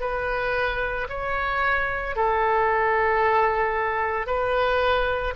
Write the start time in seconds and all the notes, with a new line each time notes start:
0.00 B4
1.09 C#5
2.16 A4
4.27 B4